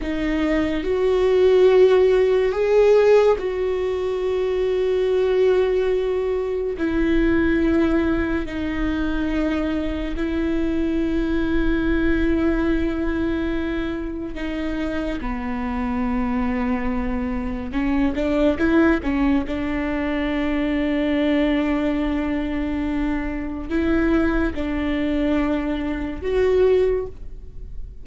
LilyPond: \new Staff \with { instrumentName = "viola" } { \time 4/4 \tempo 4 = 71 dis'4 fis'2 gis'4 | fis'1 | e'2 dis'2 | e'1~ |
e'4 dis'4 b2~ | b4 cis'8 d'8 e'8 cis'8 d'4~ | d'1 | e'4 d'2 fis'4 | }